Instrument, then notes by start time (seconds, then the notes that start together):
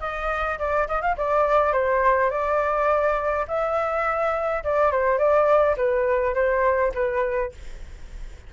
flute
0.00 D#5
0.58 D5
0.88 D#5
1.01 F5
1.17 D5
1.73 C5
2.30 D5
3.48 E5
4.63 D5
4.91 C5
5.18 D5
5.77 B4
6.34 C5
6.94 B4